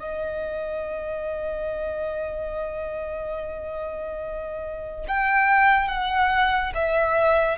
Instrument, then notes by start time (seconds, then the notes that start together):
violin
0.00 D#5
5.08 G5
5.88 F#5
6.75 E5